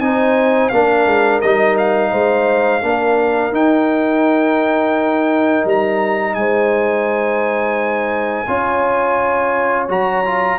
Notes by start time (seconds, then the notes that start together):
0.00 C4 D#4 C5 G#5
0.70 A#3 D4 A#4 F5
1.06 G#3
1.41 G3 D#4 D#5
1.78 F5
2.11 G#3 C5
2.82 A#3 D4 A#4
3.52 D#4 G5
5.65 G3 A#5
6.35 G#3 C5 G#5
8.48 C#4 F4 C#5
9.89 F#3 F#4 A#5
10.26 F4